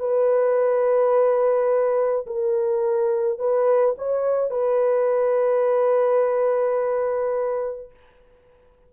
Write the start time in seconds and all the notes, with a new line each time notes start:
0.00 B4
2.27 A#4
3.39 B4
3.98 C#5
4.51 B4